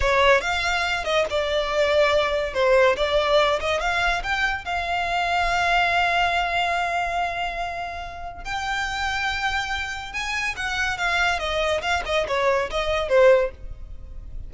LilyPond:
\new Staff \with { instrumentName = "violin" } { \time 4/4 \tempo 4 = 142 cis''4 f''4. dis''8 d''4~ | d''2 c''4 d''4~ | d''8 dis''8 f''4 g''4 f''4~ | f''1~ |
f''1 | g''1 | gis''4 fis''4 f''4 dis''4 | f''8 dis''8 cis''4 dis''4 c''4 | }